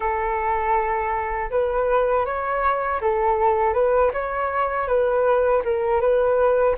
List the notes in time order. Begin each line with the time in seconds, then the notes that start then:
0.00 A4
1.50 B4
2.25 C#5
3.01 A4
3.73 B4
4.13 C#5
4.87 B4
5.64 A#4
6.00 B4